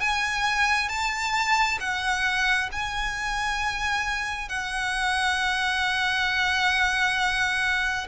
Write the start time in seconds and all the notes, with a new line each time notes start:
0.00 G#5
0.89 A5
1.80 F#5
2.72 G#5
4.49 F#5